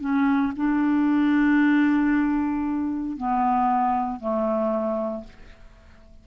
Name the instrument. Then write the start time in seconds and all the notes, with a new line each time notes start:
clarinet
0.00 C#4
0.56 D4
3.16 B3
4.19 A3